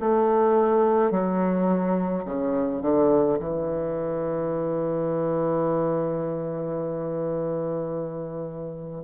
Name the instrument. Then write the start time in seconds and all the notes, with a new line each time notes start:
bassoon
0.00 A3
1.11 F#3
2.25 C#3
2.82 D3
3.40 E3